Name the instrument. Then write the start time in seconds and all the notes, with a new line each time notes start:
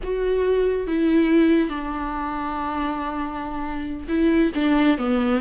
viola
0.03 F#4
0.87 E4
1.69 D4
4.08 E4
4.54 D4
4.98 B3